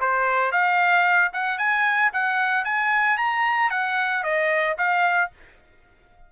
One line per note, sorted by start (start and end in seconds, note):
0.00 0.52 C5
0.52 1.31 F5
1.33 1.58 F#5
1.58 2.11 G#5
2.13 2.64 F#5
2.64 3.17 G#5
3.17 3.70 A#5
3.70 4.23 F#5
4.23 4.76 D#5
4.78 5.31 F5